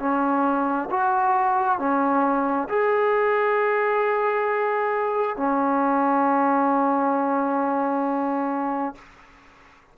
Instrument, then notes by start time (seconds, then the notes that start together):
trombone
0.00 C#4
0.90 F#4
1.79 C#4
2.69 G#4
5.37 C#4